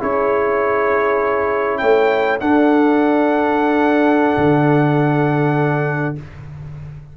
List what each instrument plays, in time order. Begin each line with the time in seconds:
0.00 tuba C#4, trombone E4, horn G#4, trumpet C#5
1.78 tuba A3, horn C#5, trumpet G5
2.40 tuba D4, trombone D4, horn A4, trumpet F#5
4.37 tuba D3